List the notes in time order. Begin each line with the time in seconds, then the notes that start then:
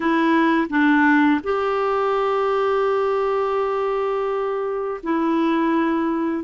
0.00 E4
0.69 D4
1.43 G4
5.03 E4